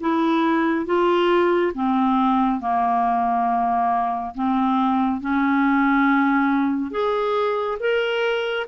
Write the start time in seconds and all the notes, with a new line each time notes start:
0.00 E4
0.86 F4
1.74 C4
2.60 A#3
4.34 C4
5.20 C#4
6.91 G#4
7.79 A#4